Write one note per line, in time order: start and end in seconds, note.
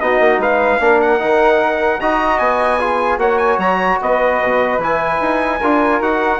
0.00 0.20 B3
0.00 0.80 D#4
0.00 0.40 F#4
0.00 0.40 D#5
0.20 0.38 A#3
0.38 0.78 G#3
0.38 0.80 B4
0.38 1.01 F5
0.80 1.20 A#3
0.80 1.19 D4
0.80 2.01 A#4
1.01 2.01 F#5
1.19 2.01 D#3
1.19 1.99 D#4
2.01 2.39 D#4
2.01 2.80 F#4
2.01 2.79 D#5
2.01 2.39 A#5
2.39 3.18 B3
2.39 3.19 G#5
2.79 3.19 F4
2.79 3.19 G#4
3.18 3.58 A#3
3.18 4.79 F#4
3.18 4.01 C#5
3.18 3.38 F#5
3.38 3.58 G#5
3.58 3.98 F#3
3.58 4.00 A#5
4.02 4.42 B3
4.02 5.60 B4
4.02 4.82 D#5
4.42 4.78 B2
4.78 5.18 E3
4.78 5.60 E4
4.78 6.02 G#5
5.21 5.61 D#4
5.60 6.01 D4
5.60 6.02 F4
5.60 6.40 A#4
6.01 6.40 D#4
6.01 6.40 F#4
6.01 6.40 F#5